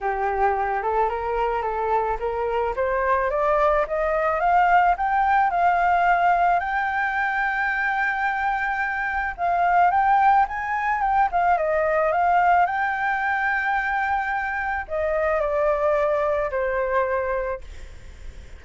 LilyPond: \new Staff \with { instrumentName = "flute" } { \time 4/4 \tempo 4 = 109 g'4. a'8 ais'4 a'4 | ais'4 c''4 d''4 dis''4 | f''4 g''4 f''2 | g''1~ |
g''4 f''4 g''4 gis''4 | g''8 f''8 dis''4 f''4 g''4~ | g''2. dis''4 | d''2 c''2 | }